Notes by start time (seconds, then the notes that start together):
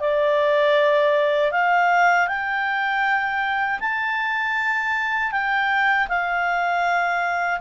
0.00 D5
1.52 F5
2.28 G5
3.80 A5
5.31 G5
6.08 F5